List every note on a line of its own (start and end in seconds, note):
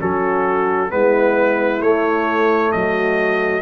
0.00 0.92 F#3
0.00 0.89 C#4
0.00 0.91 F#4
0.00 0.91 A4
0.89 1.81 G#3
0.89 1.80 B3
0.89 2.74 E4
0.89 1.82 B4
1.81 2.72 A3
1.81 3.62 A3
1.81 2.72 C#5
2.72 3.62 F#3
2.72 3.62 F#4
2.72 3.62 D#5